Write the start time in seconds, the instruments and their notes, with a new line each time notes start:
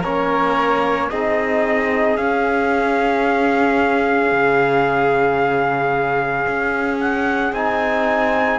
0.00 cello A#3, trombone C#4, violin A#4, trumpet C#5
1.10 cello C4, trombone D#4, violin G#4, trumpet D#5
2.17 cello C#4, trombone C#4, trumpet F5
4.32 cello C#3
6.47 cello C#4
7.00 trumpet F#5
7.53 cello C4, trombone D#4, trumpet G#5